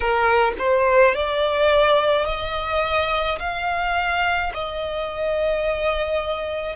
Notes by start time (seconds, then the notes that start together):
0.00 A#4
0.58 C5
1.14 D5
2.25 D#5
3.39 F5
4.54 D#5